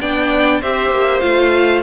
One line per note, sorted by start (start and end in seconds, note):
0.00 0.62 B3
0.00 0.62 D4
0.00 0.60 D5
0.00 0.61 G5
0.60 0.90 C4
0.60 1.20 G4
0.60 1.82 C5
0.60 1.20 E5
0.90 1.21 A#3
1.20 1.82 A3
1.20 1.82 F4
1.20 1.81 F5